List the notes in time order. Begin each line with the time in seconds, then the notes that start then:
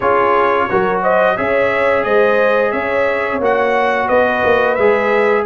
0.00 C#4 F4 G#4 C#5
0.69 F#3 F#4 A#4
1.02 C5 D#5
1.36 C#4 G#4 C#5 E5
2.03 G#3 C5 D#5
2.71 C#4 C#5 E5
3.40 A#3 F#4 F#5
4.07 B3 B4 D#5
4.44 A#3
4.74 G#3 G#4 E5